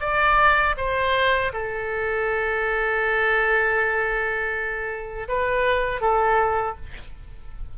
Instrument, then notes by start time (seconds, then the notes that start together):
oboe
0.00 D5
0.77 C5
1.52 A4
5.28 B4
6.00 A4